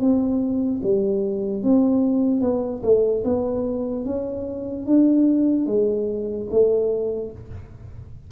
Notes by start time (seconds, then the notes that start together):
0.00 C4
0.83 G3
1.63 C4
2.41 B3
2.83 A3
3.24 B3
4.05 C#4
4.86 D4
5.66 G#3
6.50 A3